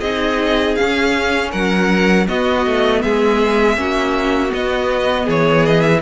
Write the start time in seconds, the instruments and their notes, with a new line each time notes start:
0.00 cello C4, viola D#4, violin G#4 D#5
0.76 viola C#4, cello C#4, violin F5
1.51 cello F#3, violin A#4 F#5
2.27 viola B3, cello B3, violin F#4 D#5
2.67 cello A3
3.02 cello G#3, violin G#4 E5
3.77 cello A#3, viola C#4, violin F#4
4.49 viola B3, cello B3, violin D#5
5.25 cello E3, violin G#4 C#5
5.66 violin D#5
5.81 violin E5